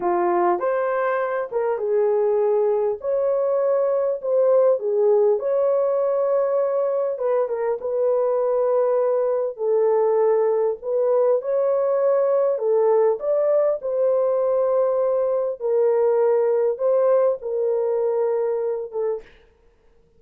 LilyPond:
\new Staff \with { instrumentName = "horn" } { \time 4/4 \tempo 4 = 100 f'4 c''4. ais'8 gis'4~ | gis'4 cis''2 c''4 | gis'4 cis''2. | b'8 ais'8 b'2. |
a'2 b'4 cis''4~ | cis''4 a'4 d''4 c''4~ | c''2 ais'2 | c''4 ais'2~ ais'8 a'8 | }